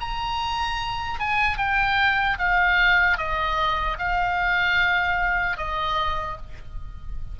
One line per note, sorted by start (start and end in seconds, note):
0.00 1.19 A#5
1.19 1.57 G#5
1.57 2.37 G5
2.38 3.17 F5
3.17 3.97 D#5
3.98 5.57 F5
5.57 6.37 D#5